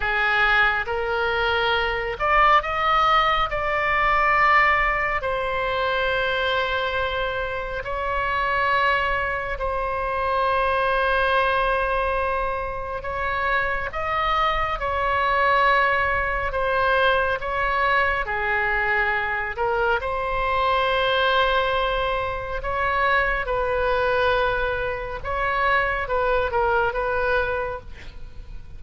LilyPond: \new Staff \with { instrumentName = "oboe" } { \time 4/4 \tempo 4 = 69 gis'4 ais'4. d''8 dis''4 | d''2 c''2~ | c''4 cis''2 c''4~ | c''2. cis''4 |
dis''4 cis''2 c''4 | cis''4 gis'4. ais'8 c''4~ | c''2 cis''4 b'4~ | b'4 cis''4 b'8 ais'8 b'4 | }